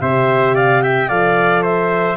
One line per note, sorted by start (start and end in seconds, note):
0.00 1.10 C3
0.00 1.09 G4
0.00 0.55 C5
0.00 0.56 E5
0.55 0.82 D5
0.55 0.82 F5
0.82 1.08 E5
0.82 1.09 G5
1.08 2.17 F3
1.08 2.17 A4
1.08 1.62 D5
1.08 1.63 F5
1.62 2.17 C5
1.62 2.17 E5